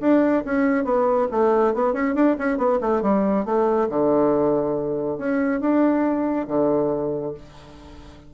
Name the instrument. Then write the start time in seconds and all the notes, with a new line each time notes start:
bassoon
0.00 D4
0.44 C#4
0.84 B3
1.31 A3
1.74 B3
1.93 C#4
2.14 D4
2.38 C#4
2.57 B3
2.81 A3
3.02 G3
3.45 A3
3.89 D3
5.18 C#4
5.60 D4
6.47 D3